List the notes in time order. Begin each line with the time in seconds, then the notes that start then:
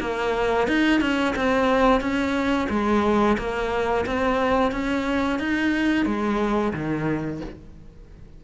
0.00 A#3
0.67 D#4
1.01 C#4
1.35 C4
2.00 C#4
2.69 G#3
3.37 A#3
4.05 C4
4.71 C#4
5.39 D#4
6.05 G#3
6.73 D#3